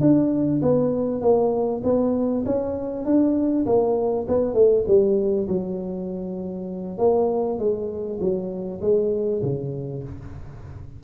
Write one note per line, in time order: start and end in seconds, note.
0.00 0.61 D4
0.62 1.21 B3
1.21 1.81 A#3
1.83 2.44 B3
2.45 3.05 C#4
3.05 3.65 D4
3.65 4.26 A#3
4.27 4.54 B3
4.54 4.84 A3
4.87 5.47 G3
5.48 6.98 F#3
6.98 7.58 A#3
7.58 8.19 G#3
8.20 8.80 F#3
8.81 9.41 G#3
9.42 10.03 C#3